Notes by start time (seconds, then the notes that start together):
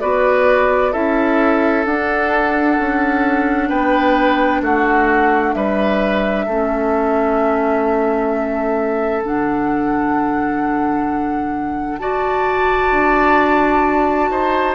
0.00 B3 F#4 B4 D5
0.92 C#4 E4 A4 E5
1.85 D4 F#5
2.78 C#4
3.69 B3 B4 G5
4.61 A3 F#4 F#5
5.53 G3 B4 E5
6.45 A3 C#4 A4
9.23 D3 D4 F#5
11.98 F#4 D5 A5
12.91 D4
14.30 D#4 C5